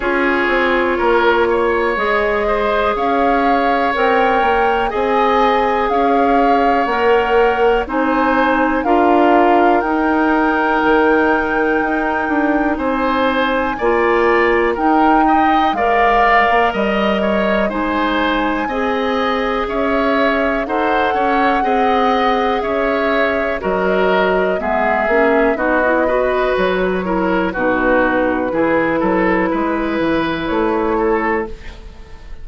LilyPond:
<<
  \new Staff \with { instrumentName = "flute" } { \time 4/4 \tempo 4 = 61 cis''2 dis''4 f''4 | g''4 gis''4 f''4 fis''4 | gis''4 f''4 g''2~ | g''4 gis''2 g''4 |
f''4 dis''4 gis''2 | e''4 fis''2 e''4 | dis''4 e''4 dis''4 cis''4 | b'2. cis''4 | }
  \new Staff \with { instrumentName = "oboe" } { \time 4/4 gis'4 ais'8 cis''4 c''8 cis''4~ | cis''4 dis''4 cis''2 | c''4 ais'2.~ | ais'4 c''4 d''4 ais'8 dis''8 |
d''4 dis''8 cis''8 c''4 dis''4 | cis''4 c''8 cis''8 dis''4 cis''4 | ais'4 gis'4 fis'8 b'4 ais'8 | fis'4 gis'8 a'8 b'4. a'8 | }
  \new Staff \with { instrumentName = "clarinet" } { \time 4/4 f'2 gis'2 | ais'4 gis'2 ais'4 | dis'4 f'4 dis'2~ | dis'2 f'4 dis'4 |
ais'2 dis'4 gis'4~ | gis'4 a'4 gis'2 | fis'4 b8 cis'8 dis'16 e'16 fis'4 e'8 | dis'4 e'2. | }
  \new Staff \with { instrumentName = "bassoon" } { \time 4/4 cis'8 c'8 ais4 gis4 cis'4 | c'8 ais8 c'4 cis'4 ais4 | c'4 d'4 dis'4 dis4 | dis'8 d'8 c'4 ais4 dis'4 |
gis8. ais16 g4 gis4 c'4 | cis'4 dis'8 cis'8 c'4 cis'4 | fis4 gis8 ais8 b4 fis4 | b,4 e8 fis8 gis8 e8 a4 | }
>>